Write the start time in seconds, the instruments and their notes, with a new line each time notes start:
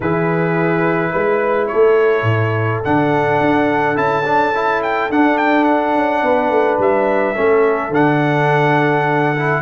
0.00 tuba E3, trombone E4, horn G#4, trumpet B4
1.11 tuba G#3, horn B4
1.67 horn A4, trumpet C#5
1.73 tuba A3
2.22 tuba A2
2.84 tuba D3, trombone D4, trumpet F#5
3.40 tuba D4
3.95 tuba C#4, trombone E4, trumpet A5
4.24 trombone D4
4.54 trombone E4
4.82 trumpet G5
5.09 tuba D4, trombone D4, trumpet F#5
5.37 trumpet G5
5.64 trumpet F#5
5.95 tuba C#4
6.23 tuba B3, horn B4
6.50 tuba A3
6.79 tuba G3, trumpet E5
7.34 tuba A3, trombone C#4, horn A4
7.89 tuba D3, trombone D4, trumpet F#5
9.35 trombone E4